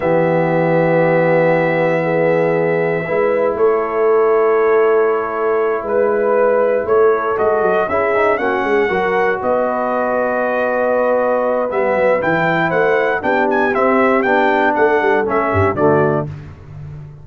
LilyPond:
<<
  \new Staff \with { instrumentName = "trumpet" } { \time 4/4 \tempo 4 = 118 e''1~ | e''2. cis''4~ | cis''2.~ cis''8 b'8~ | b'4. cis''4 dis''4 e''8~ |
e''8 fis''2 dis''4.~ | dis''2. e''4 | g''4 fis''4 g''8 gis''8 e''4 | g''4 fis''4 e''4 d''4 | }
  \new Staff \with { instrumentName = "horn" } { \time 4/4 g'1 | gis'2 b'4 a'4~ | a'2.~ a'8 b'8~ | b'4. a'2 gis'8~ |
gis'8 fis'8 gis'8 ais'4 b'4.~ | b'1~ | b'4 c''4 g'2~ | g'4 a'4. g'8 fis'4 | }
  \new Staff \with { instrumentName = "trombone" } { \time 4/4 b1~ | b2 e'2~ | e'1~ | e'2~ e'8 fis'4 e'8 |
dis'8 cis'4 fis'2~ fis'8~ | fis'2. b4 | e'2 d'4 c'4 | d'2 cis'4 a4 | }
  \new Staff \with { instrumentName = "tuba" } { \time 4/4 e1~ | e2 gis4 a4~ | a2.~ a8 gis8~ | gis4. a4 gis8 fis8 cis'8~ |
cis'8 ais8 gis8 fis4 b4.~ | b2. g8 fis8 | e4 a4 b4 c'4 | b4 a8 g8 a8 g,8 d4 | }
>>